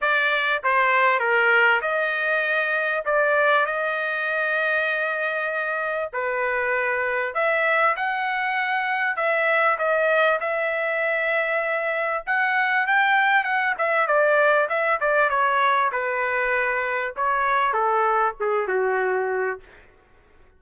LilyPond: \new Staff \with { instrumentName = "trumpet" } { \time 4/4 \tempo 4 = 98 d''4 c''4 ais'4 dis''4~ | dis''4 d''4 dis''2~ | dis''2 b'2 | e''4 fis''2 e''4 |
dis''4 e''2. | fis''4 g''4 fis''8 e''8 d''4 | e''8 d''8 cis''4 b'2 | cis''4 a'4 gis'8 fis'4. | }